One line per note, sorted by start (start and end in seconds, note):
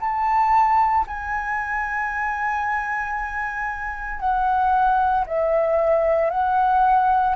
0.00 1.05 A5
1.07 4.20 G#5
4.20 5.25 F#5
5.26 6.30 E5
6.30 7.35 F#5